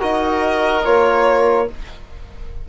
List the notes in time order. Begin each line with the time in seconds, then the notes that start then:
0.00 D#4 F#4 A#4 D#5
0.85 A#3 F4 C#5